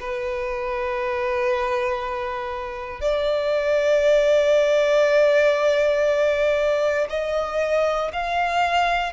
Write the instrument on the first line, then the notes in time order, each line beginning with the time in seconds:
violin
0.00 B4
3.01 D5
7.10 D#5
8.13 F5